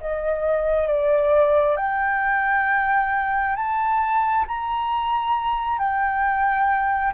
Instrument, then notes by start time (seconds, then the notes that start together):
flute
0.00 D#5
0.87 D5
1.76 G5
3.55 A5
4.47 A#5
5.78 G5